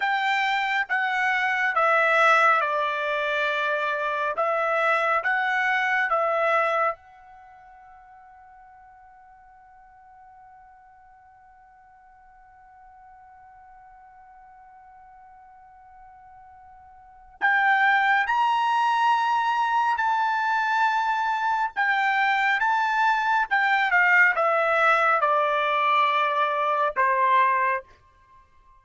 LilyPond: \new Staff \with { instrumentName = "trumpet" } { \time 4/4 \tempo 4 = 69 g''4 fis''4 e''4 d''4~ | d''4 e''4 fis''4 e''4 | fis''1~ | fis''1~ |
fis''1 | g''4 ais''2 a''4~ | a''4 g''4 a''4 g''8 f''8 | e''4 d''2 c''4 | }